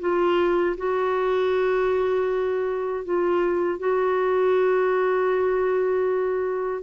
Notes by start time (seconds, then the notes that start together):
0.00 F4
0.77 F#4
3.04 F4
3.79 F#4